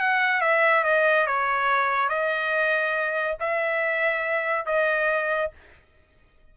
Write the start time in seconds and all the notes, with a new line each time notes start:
0.00 F#5
0.41 E5
0.84 D#5
1.27 C#5
2.09 D#5
3.40 E5
4.66 D#5